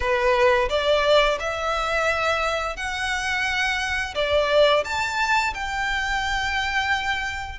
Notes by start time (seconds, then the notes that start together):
0.00 B4
0.69 D5
1.39 E5
2.76 F#5
4.14 D5
4.84 A5
5.53 G5